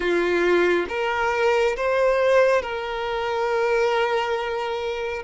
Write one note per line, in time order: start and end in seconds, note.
0.00 0.86 F4
0.89 1.75 A#4
1.76 2.62 C5
2.62 5.23 A#4